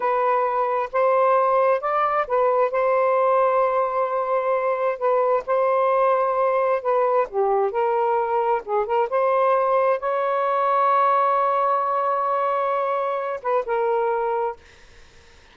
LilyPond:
\new Staff \with { instrumentName = "saxophone" } { \time 4/4 \tempo 4 = 132 b'2 c''2 | d''4 b'4 c''2~ | c''2. b'4 | c''2. b'4 |
g'4 ais'2 gis'8 ais'8 | c''2 cis''2~ | cis''1~ | cis''4. b'8 ais'2 | }